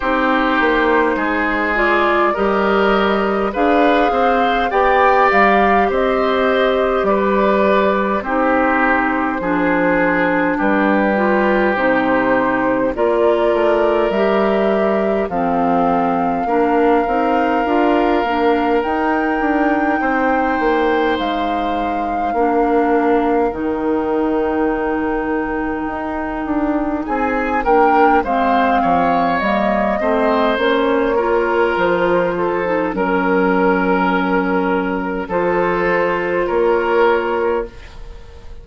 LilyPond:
<<
  \new Staff \with { instrumentName = "flute" } { \time 4/4 \tempo 4 = 51 c''4. d''8 dis''4 f''4 | g''8 f''8 dis''4 d''4 c''4~ | c''4 b'4 c''4 d''4 | e''4 f''2. |
g''2 f''2 | g''2. gis''8 g''8 | f''4 dis''4 cis''4 c''4 | ais'2 c''4 cis''4 | }
  \new Staff \with { instrumentName = "oboe" } { \time 4/4 g'4 gis'4 ais'4 b'8 c''8 | d''4 c''4 b'4 g'4 | gis'4 g'2 ais'4~ | ais'4 a'4 ais'2~ |
ais'4 c''2 ais'4~ | ais'2. gis'8 ais'8 | c''8 cis''4 c''4 ais'4 a'8 | ais'2 a'4 ais'4 | }
  \new Staff \with { instrumentName = "clarinet" } { \time 4/4 dis'4. f'8 g'4 gis'4 | g'2. dis'4 | d'4. f'8 dis'4 f'4 | g'4 c'4 d'8 dis'8 f'8 d'8 |
dis'2. d'4 | dis'2.~ dis'8 d'8 | c'4 ais8 c'8 cis'8 f'4~ f'16 dis'16 | cis'2 f'2 | }
  \new Staff \with { instrumentName = "bassoon" } { \time 4/4 c'8 ais8 gis4 g4 d'8 c'8 | b8 g8 c'4 g4 c'4 | f4 g4 c4 ais8 a8 | g4 f4 ais8 c'8 d'8 ais8 |
dis'8 d'8 c'8 ais8 gis4 ais4 | dis2 dis'8 d'8 c'8 ais8 | gis8 f8 g8 a8 ais4 f4 | fis2 f4 ais4 | }
>>